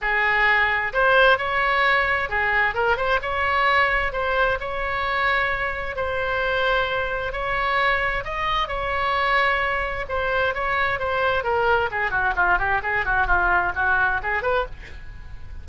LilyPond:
\new Staff \with { instrumentName = "oboe" } { \time 4/4 \tempo 4 = 131 gis'2 c''4 cis''4~ | cis''4 gis'4 ais'8 c''8 cis''4~ | cis''4 c''4 cis''2~ | cis''4 c''2. |
cis''2 dis''4 cis''4~ | cis''2 c''4 cis''4 | c''4 ais'4 gis'8 fis'8 f'8 g'8 | gis'8 fis'8 f'4 fis'4 gis'8 b'8 | }